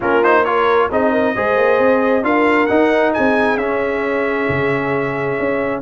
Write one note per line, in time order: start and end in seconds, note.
0.00 0.90 A#3
0.00 0.23 C#4
0.00 0.43 F4
0.00 0.23 A#4
0.23 0.45 D#4
0.23 0.44 C5
0.44 0.90 F4
0.44 0.89 A#4
0.44 0.89 C#5
0.90 1.35 C4
0.90 1.35 D#4
0.90 1.11 G#4
0.90 2.24 D#5
1.11 1.33 A#4
1.35 1.57 G#3
1.35 2.23 G#4
1.35 2.24 C5
1.57 1.79 A#3
1.79 2.22 C4
2.22 2.67 D4
2.22 2.67 F4
2.22 3.13 A#4
2.22 2.66 F5
2.66 3.58 D#4
2.66 3.14 D#4
2.66 3.11 F#5
3.13 3.56 C4
3.13 5.82 G#4
3.13 3.57 G#5
3.56 4.46 C#4
3.56 5.82 C#4
3.56 5.81 E5
4.48 5.38 C#3
5.39 5.82 C#4